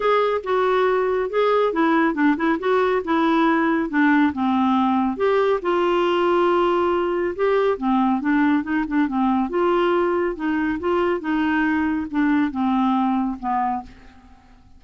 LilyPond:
\new Staff \with { instrumentName = "clarinet" } { \time 4/4 \tempo 4 = 139 gis'4 fis'2 gis'4 | e'4 d'8 e'8 fis'4 e'4~ | e'4 d'4 c'2 | g'4 f'2.~ |
f'4 g'4 c'4 d'4 | dis'8 d'8 c'4 f'2 | dis'4 f'4 dis'2 | d'4 c'2 b4 | }